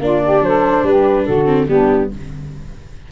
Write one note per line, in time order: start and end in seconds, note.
0.00 0.41 A#3
0.00 1.45 D4
0.00 0.22 F4
0.00 0.44 D5
0.24 0.44 G4
0.41 0.83 F#3
0.41 0.86 A4
0.41 0.86 C5
0.83 1.25 G3
0.83 1.25 G4
0.83 1.26 B4
1.25 1.68 D3
1.25 1.67 F#4
1.25 1.68 A4
1.45 1.66 C4
1.68 2.10 G3
1.68 2.10 B3
1.68 2.12 D4
1.68 2.11 G4